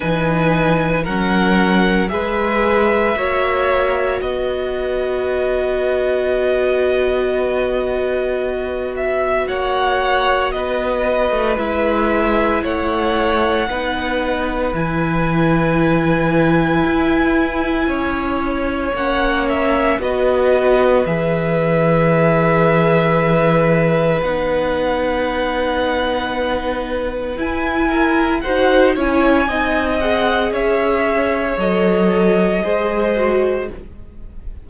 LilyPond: <<
  \new Staff \with { instrumentName = "violin" } { \time 4/4 \tempo 4 = 57 gis''4 fis''4 e''2 | dis''1~ | dis''8 e''8 fis''4 dis''4 e''4 | fis''2 gis''2~ |
gis''2 fis''8 e''8 dis''4 | e''2. fis''4~ | fis''2 gis''4 fis''8 gis''8~ | gis''8 fis''8 e''4 dis''2 | }
  \new Staff \with { instrumentName = "violin" } { \time 4/4 b'4 ais'4 b'4 cis''4 | b'1~ | b'4 cis''4 b'2 | cis''4 b'2.~ |
b'4 cis''2 b'4~ | b'1~ | b'2~ b'8 ais'8 c''8 cis''8 | dis''4 cis''2 c''4 | }
  \new Staff \with { instrumentName = "viola" } { \time 4/4 dis'4 cis'4 gis'4 fis'4~ | fis'1~ | fis'2. e'4~ | e'4 dis'4 e'2~ |
e'2 cis'4 fis'4 | gis'2. dis'4~ | dis'2 e'4 fis'8 e'8 | dis'8 gis'4. a'4 gis'8 fis'8 | }
  \new Staff \with { instrumentName = "cello" } { \time 4/4 e4 fis4 gis4 ais4 | b1~ | b4 ais4 b8. a16 gis4 | a4 b4 e2 |
e'4 cis'4 ais4 b4 | e2. b4~ | b2 e'4 dis'8 cis'8 | c'4 cis'4 fis4 gis4 | }
>>